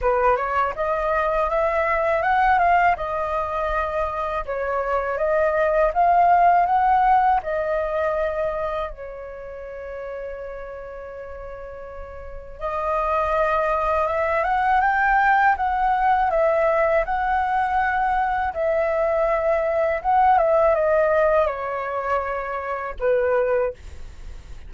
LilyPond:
\new Staff \with { instrumentName = "flute" } { \time 4/4 \tempo 4 = 81 b'8 cis''8 dis''4 e''4 fis''8 f''8 | dis''2 cis''4 dis''4 | f''4 fis''4 dis''2 | cis''1~ |
cis''4 dis''2 e''8 fis''8 | g''4 fis''4 e''4 fis''4~ | fis''4 e''2 fis''8 e''8 | dis''4 cis''2 b'4 | }